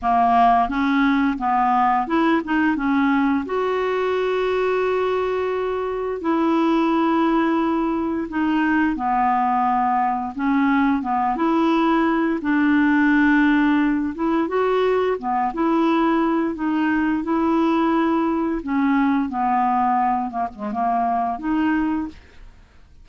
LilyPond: \new Staff \with { instrumentName = "clarinet" } { \time 4/4 \tempo 4 = 87 ais4 cis'4 b4 e'8 dis'8 | cis'4 fis'2.~ | fis'4 e'2. | dis'4 b2 cis'4 |
b8 e'4. d'2~ | d'8 e'8 fis'4 b8 e'4. | dis'4 e'2 cis'4 | b4. ais16 gis16 ais4 dis'4 | }